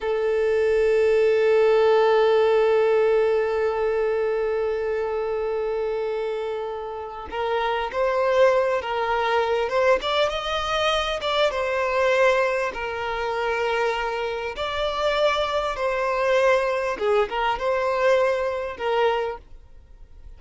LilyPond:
\new Staff \with { instrumentName = "violin" } { \time 4/4 \tempo 4 = 99 a'1~ | a'1~ | a'1 | ais'4 c''4. ais'4. |
c''8 d''8 dis''4. d''8 c''4~ | c''4 ais'2. | d''2 c''2 | gis'8 ais'8 c''2 ais'4 | }